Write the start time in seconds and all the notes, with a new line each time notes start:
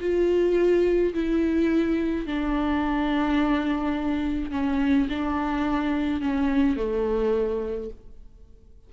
0.00 F4
1.14 E4
2.26 D4
4.51 C#4
5.09 D4
6.21 C#4
6.76 A3